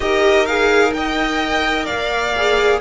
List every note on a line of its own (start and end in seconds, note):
0.00 1.86 D#4
0.00 0.46 G4
0.00 0.96 A#4
0.00 0.46 D#5
0.46 0.93 G#4
0.46 0.92 F5
0.93 2.33 A#4
0.93 1.85 D#5
0.93 1.86 G5
1.85 2.78 D5
1.85 2.79 F5
1.91 2.80 A#3
2.36 2.80 G#4